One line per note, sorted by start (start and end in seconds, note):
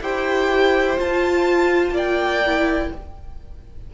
0.00 0.97 E4
0.00 0.96 G4
0.00 1.93 C5
0.00 0.99 G5
0.96 2.41 F4
0.96 1.90 F4
0.96 1.96 A5
1.90 2.87 A#3
1.90 2.90 D5
1.96 2.93 G5
2.45 2.94 E4